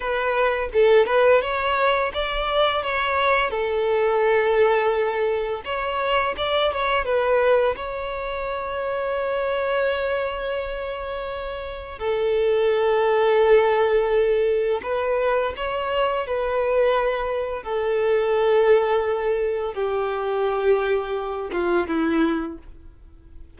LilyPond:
\new Staff \with { instrumentName = "violin" } { \time 4/4 \tempo 4 = 85 b'4 a'8 b'8 cis''4 d''4 | cis''4 a'2. | cis''4 d''8 cis''8 b'4 cis''4~ | cis''1~ |
cis''4 a'2.~ | a'4 b'4 cis''4 b'4~ | b'4 a'2. | g'2~ g'8 f'8 e'4 | }